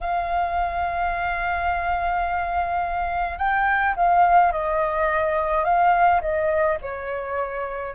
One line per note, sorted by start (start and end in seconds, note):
0.01 3.38 F5
3.38 3.94 G5
3.96 4.51 F5
4.51 5.64 D#5
5.64 6.21 F5
6.21 6.78 D#5
6.81 7.94 C#5